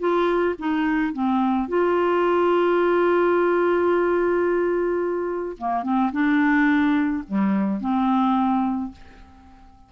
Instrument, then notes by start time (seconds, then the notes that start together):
clarinet
0.00 F4
0.59 D#4
1.14 C4
1.68 F4
5.58 A#3
5.84 C4
6.13 D4
7.29 G3
7.81 C4